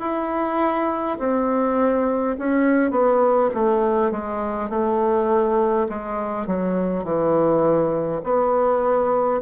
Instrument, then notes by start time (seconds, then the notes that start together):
bassoon
0.00 E4
1.19 C4
2.39 C#4
2.91 B3
3.54 A3
4.11 G#3
4.70 A3
5.89 G#3
6.47 F#3
7.04 E3
8.24 B3